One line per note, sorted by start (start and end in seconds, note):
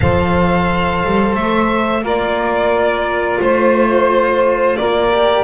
0.00 1.04 F3
0.00 2.03 A4
0.00 2.03 C5
0.00 1.35 F5
1.04 1.35 G3
1.35 2.02 A3
1.35 2.03 E5
2.02 3.38 A#3
2.02 5.10 F4
2.02 3.39 A#4
2.02 3.41 D5
3.41 4.77 A3
3.41 4.76 C5
3.41 4.78 C5
4.76 5.44 A#3
4.76 5.44 A#4
4.76 5.44 D5
5.12 5.44 G4